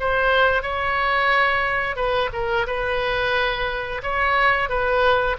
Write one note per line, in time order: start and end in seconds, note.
0.00 0.62 C5
0.62 1.96 C#5
1.96 2.30 B4
2.33 2.67 A#4
2.67 4.02 B4
4.03 4.69 C#5
4.69 5.37 B4